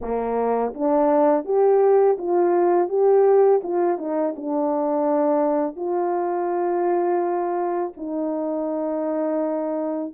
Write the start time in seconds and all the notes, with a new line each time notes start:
0.01 A#3
0.74 D4
1.45 G4
2.18 F4
2.88 G4
3.63 F4
3.98 D#4
4.35 D4
5.76 F4
7.96 D#4